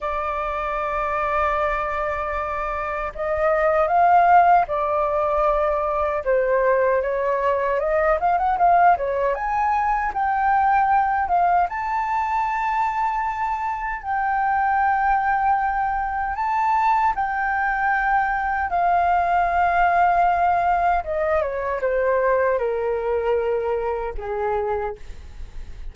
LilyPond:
\new Staff \with { instrumentName = "flute" } { \time 4/4 \tempo 4 = 77 d''1 | dis''4 f''4 d''2 | c''4 cis''4 dis''8 f''16 fis''16 f''8 cis''8 | gis''4 g''4. f''8 a''4~ |
a''2 g''2~ | g''4 a''4 g''2 | f''2. dis''8 cis''8 | c''4 ais'2 gis'4 | }